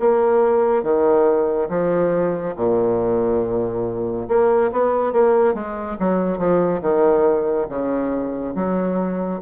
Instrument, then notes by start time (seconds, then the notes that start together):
bassoon
0.00 A#3
0.83 D#3
1.69 F3
2.56 A#2
4.28 A#3
4.72 B3
5.13 A#3
5.54 G#3
6.00 F#3
6.39 F3
6.81 D#3
7.69 C#3
8.55 F#3